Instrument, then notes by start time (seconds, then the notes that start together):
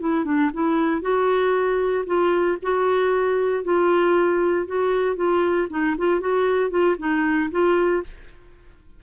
clarinet
0.00 E4
0.25 D4
0.53 E4
1.01 F#4
2.06 F4
2.62 F#4
3.64 F4
4.67 F#4
5.16 F4
5.70 D#4
5.98 F4
6.20 F#4
6.70 F4
6.99 D#4
7.51 F4